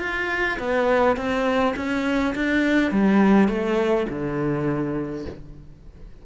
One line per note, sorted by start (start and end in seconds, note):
0.00 0.58 F4
0.59 1.17 B3
1.17 1.75 C4
1.76 2.34 C#4
2.35 2.92 D4
2.92 3.48 G3
3.48 4.07 A3
4.09 5.26 D3